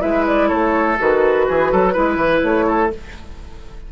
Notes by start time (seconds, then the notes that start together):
0.00 G#3 E4 B4 E5
0.27 D5
0.49 A3 A4 C#5
0.99 D#3 F#4 B4
1.49 E3 G#4
1.72 F#3 A4
1.93 G#3 E4 B4
2.17 E3
2.43 A3 C#5
2.67 A4